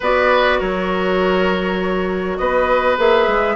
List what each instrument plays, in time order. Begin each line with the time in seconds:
0.00 bassoon B3, clarinet F#4, oboe B4, flute D5
0.58 bassoon F#3, oboe A#4, flute C#5
2.37 bassoon B3, oboe B4, flute D#5
2.98 bassoon A#3, clarinet G#4, flute E5
3.27 bassoon G#3